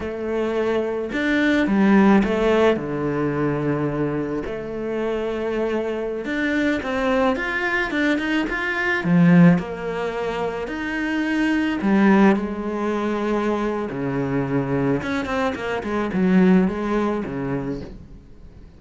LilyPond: \new Staff \with { instrumentName = "cello" } { \time 4/4 \tempo 4 = 108 a2 d'4 g4 | a4 d2. | a2.~ a16 d'8.~ | d'16 c'4 f'4 d'8 dis'8 f'8.~ |
f'16 f4 ais2 dis'8.~ | dis'4~ dis'16 g4 gis4.~ gis16~ | gis4 cis2 cis'8 c'8 | ais8 gis8 fis4 gis4 cis4 | }